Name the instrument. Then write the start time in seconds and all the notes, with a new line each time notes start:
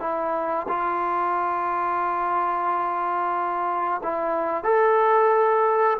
trombone
0.00 E4
0.68 F4
4.03 E4
4.64 A4